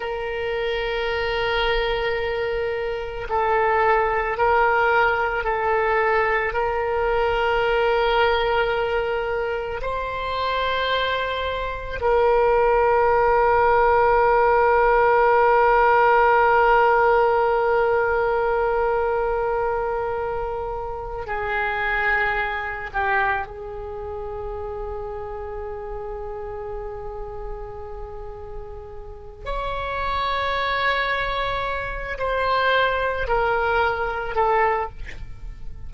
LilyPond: \new Staff \with { instrumentName = "oboe" } { \time 4/4 \tempo 4 = 55 ais'2. a'4 | ais'4 a'4 ais'2~ | ais'4 c''2 ais'4~ | ais'1~ |
ais'2.~ ais'8 gis'8~ | gis'4 g'8 gis'2~ gis'8~ | gis'2. cis''4~ | cis''4. c''4 ais'4 a'8 | }